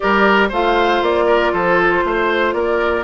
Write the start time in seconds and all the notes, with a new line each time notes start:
0.00 G3 G4 A#4 D5
0.48 A3 F4 C5 F5
1.01 A#3 D5
1.26 A#4
1.52 F3 A4 C5
2.03 A3 C5
2.53 A#3 A#4 D5